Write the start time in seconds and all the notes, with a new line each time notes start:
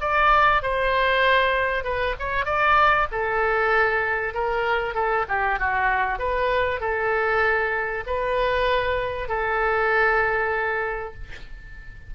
0.00 D5
0.62 C5
1.84 B4
2.19 C#5
2.45 D5
3.11 A4
4.34 A#4
4.94 A4
5.28 G4
5.59 F#4
6.19 B4
6.80 A4
8.06 B4
9.28 A4